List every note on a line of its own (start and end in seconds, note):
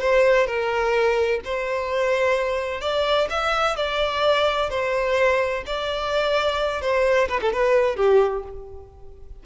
0.00 0.46 C5
0.46 1.40 A#4
1.44 2.81 C5
2.81 3.27 D5
3.30 3.76 E5
3.76 4.69 D5
4.70 5.63 C5
5.66 6.81 D5
6.81 7.28 C5
7.28 7.40 B4
7.41 7.52 A4
7.52 7.96 B4
7.96 8.43 G4